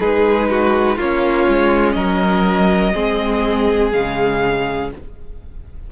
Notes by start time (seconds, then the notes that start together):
0.00 G#3 D#4 G#4 B4
0.50 F#4
0.97 A#3 C#4 F4 C#5
1.48 G#3
1.93 F#3 A#4 D#5
2.94 G#3 C4 G#4
3.92 C#3 G#3 F5